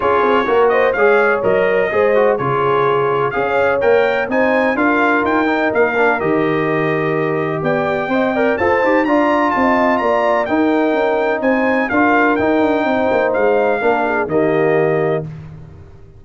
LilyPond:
<<
  \new Staff \with { instrumentName = "trumpet" } { \time 4/4 \tempo 4 = 126 cis''4. dis''8 f''4 dis''4~ | dis''4 cis''2 f''4 | g''4 gis''4 f''4 g''4 | f''4 dis''2. |
g''2 a''4 ais''4 | a''4 ais''4 g''2 | gis''4 f''4 g''2 | f''2 dis''2 | }
  \new Staff \with { instrumentName = "horn" } { \time 4/4 gis'4 ais'8 c''8 cis''2 | c''4 gis'2 cis''4~ | cis''4 c''4 ais'2~ | ais'1 |
d''4 dis''8 d''8 c''4 d''4 | dis''4 d''4 ais'2 | c''4 ais'2 c''4~ | c''4 ais'8 gis'8 g'2 | }
  \new Staff \with { instrumentName = "trombone" } { \time 4/4 f'4 fis'4 gis'4 ais'4 | gis'8 fis'8 f'2 gis'4 | ais'4 dis'4 f'4. dis'8~ | dis'8 d'8 g'2.~ |
g'4 c''8 ais'8 a'8 g'8 f'4~ | f'2 dis'2~ | dis'4 f'4 dis'2~ | dis'4 d'4 ais2 | }
  \new Staff \with { instrumentName = "tuba" } { \time 4/4 cis'8 c'8 ais4 gis4 fis4 | gis4 cis2 cis'4 | ais4 c'4 d'4 dis'4 | ais4 dis2. |
b4 c'4 f'8 dis'8 d'4 | c'4 ais4 dis'4 cis'4 | c'4 d'4 dis'8 d'8 c'8 ais8 | gis4 ais4 dis2 | }
>>